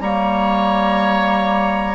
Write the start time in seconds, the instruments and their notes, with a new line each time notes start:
0.00 bassoon G3, clarinet A#3, oboe C#5, flute A#5